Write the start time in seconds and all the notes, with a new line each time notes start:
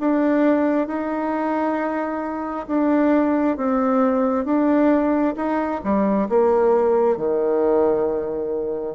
0.00 D4
0.88 D#4
2.68 D4
3.57 C4
4.45 D4
5.36 D#4
5.84 G3
6.29 A#3
7.17 D#3